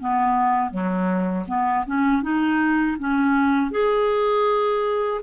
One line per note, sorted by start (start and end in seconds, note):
0.00 0.71 B3
0.71 1.46 F#3
1.48 1.85 B3
1.86 2.22 C#4
2.22 2.97 D#4
2.99 3.71 C#4
3.71 5.21 G#4